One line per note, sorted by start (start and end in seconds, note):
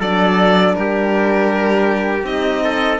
0.00 0.75 F#3
0.00 2.25 D4
0.00 0.75 A4
0.00 0.75 D5
0.75 2.24 G3
0.75 2.64 G4
0.75 2.25 A#4
2.24 2.99 C4
2.24 3.00 D#4
2.24 3.00 D#5
2.64 3.00 A4